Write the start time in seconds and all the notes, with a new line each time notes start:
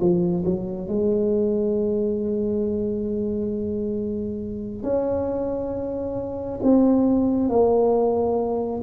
0.00 F3
0.45 F#3
0.88 G#3
4.83 C#4
6.63 C4
7.49 A#3